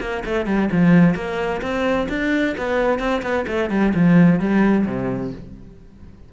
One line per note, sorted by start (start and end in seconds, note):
0.00 0.23 A#3
0.25 0.46 A3
0.46 0.69 G3
0.71 1.15 F3
1.15 1.61 A#3
1.62 2.08 C4
2.09 2.55 D4
2.57 2.99 B3
2.99 3.22 C4
3.22 3.45 B3
3.47 3.70 A3
3.70 3.93 G3
3.94 4.40 F3
4.40 4.86 G3
4.86 5.32 C3